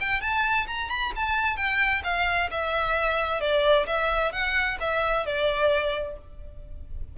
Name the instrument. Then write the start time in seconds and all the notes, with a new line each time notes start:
violin
0.00 G5
0.20 A5
0.67 A#5
0.89 B5
1.15 A5
1.56 G5
2.04 F5
2.50 E5
3.40 D5
3.86 E5
4.32 F#5
4.80 E5
5.25 D5